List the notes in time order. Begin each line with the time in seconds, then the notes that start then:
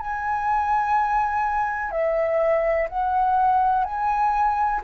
0.00 G#5
1.91 E5
2.89 F#5
3.84 G#5